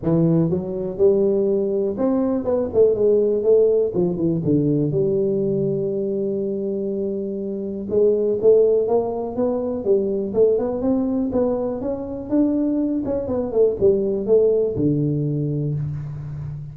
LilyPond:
\new Staff \with { instrumentName = "tuba" } { \time 4/4 \tempo 4 = 122 e4 fis4 g2 | c'4 b8 a8 gis4 a4 | f8 e8 d4 g2~ | g1 |
gis4 a4 ais4 b4 | g4 a8 b8 c'4 b4 | cis'4 d'4. cis'8 b8 a8 | g4 a4 d2 | }